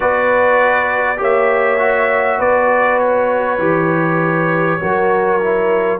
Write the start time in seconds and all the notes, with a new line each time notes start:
0.00 B3 F#4 B4 D5
1.17 A#3 G4 C#5 E5
1.78 F#4
2.38 B3 B4 D5
2.98 C#5
3.58 E3 G4
4.80 F#3 F#4 A#4
5.41 E4